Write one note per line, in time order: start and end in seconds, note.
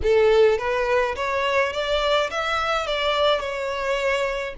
0.03 0.58 A4
0.58 1.15 B4
1.15 1.72 C#5
1.72 2.30 D5
2.30 2.86 E5
2.86 3.39 D5
3.39 4.54 C#5